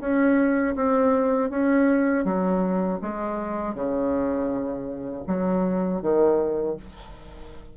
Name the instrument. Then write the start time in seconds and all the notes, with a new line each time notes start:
bassoon
0.00 C#4
0.75 C4
1.50 C#4
2.24 F#3
3.01 G#3
3.75 C#3
5.27 F#3
6.02 D#3